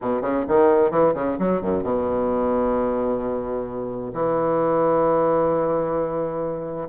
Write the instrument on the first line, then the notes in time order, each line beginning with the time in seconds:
bassoon
0.01 B2
0.21 C#3
0.47 D#3
0.91 E3
1.14 C#3
1.38 F#3
1.61 F#2
1.83 B2
4.13 E3